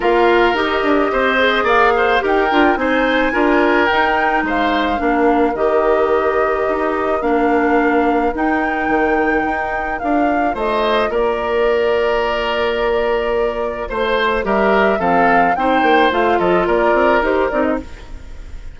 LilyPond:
<<
  \new Staff \with { instrumentName = "flute" } { \time 4/4 \tempo 4 = 108 f''4 dis''2 f''4 | g''4 gis''2 g''4 | f''2 dis''2~ | dis''4 f''2 g''4~ |
g''2 f''4 dis''4 | d''1~ | d''4 c''4 e''4 f''4 | g''4 f''8 dis''8 d''4 c''8 d''16 dis''16 | }
  \new Staff \with { instrumentName = "oboe" } { \time 4/4 ais'2 c''4 d''8 c''8 | ais'4 c''4 ais'2 | c''4 ais'2.~ | ais'1~ |
ais'2. c''4 | ais'1~ | ais'4 c''4 ais'4 a'4 | c''4. a'8 ais'2 | }
  \new Staff \with { instrumentName = "clarinet" } { \time 4/4 f'4 g'4. gis'4. | g'8 f'8 dis'4 f'4 dis'4~ | dis'4 d'4 g'2~ | g'4 d'2 dis'4~ |
dis'2 f'2~ | f'1~ | f'2 g'4 c'4 | dis'4 f'2 g'8 dis'8 | }
  \new Staff \with { instrumentName = "bassoon" } { \time 4/4 ais4 dis'8 d'8 c'4 ais4 | dis'8 d'8 c'4 d'4 dis'4 | gis4 ais4 dis2 | dis'4 ais2 dis'4 |
dis4 dis'4 d'4 a4 | ais1~ | ais4 a4 g4 f4 | c'8 ais8 a8 f8 ais8 c'8 dis'8 c'8 | }
>>